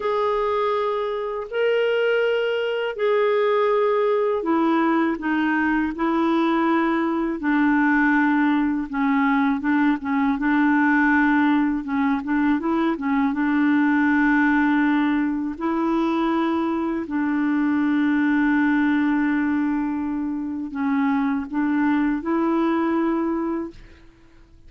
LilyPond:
\new Staff \with { instrumentName = "clarinet" } { \time 4/4 \tempo 4 = 81 gis'2 ais'2 | gis'2 e'4 dis'4 | e'2 d'2 | cis'4 d'8 cis'8 d'2 |
cis'8 d'8 e'8 cis'8 d'2~ | d'4 e'2 d'4~ | d'1 | cis'4 d'4 e'2 | }